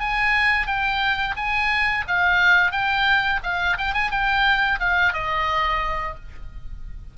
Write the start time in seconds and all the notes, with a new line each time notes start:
0.00 G#5
0.67 G5
1.36 G#5
2.07 F5
2.72 G5
3.43 F5
3.77 G5
3.94 G#5
4.11 G5
4.79 F5
5.13 D#5